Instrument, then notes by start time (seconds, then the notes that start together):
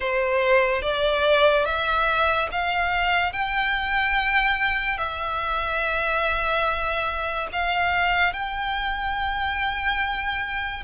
violin
0.00 C5
0.82 D5
1.65 E5
2.51 F5
3.33 G5
4.97 E5
7.52 F5
8.33 G5